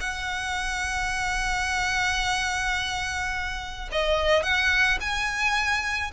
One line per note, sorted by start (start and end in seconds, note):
0.00 3.89 F#5
3.92 4.43 D#5
4.43 4.98 F#5
5.00 6.11 G#5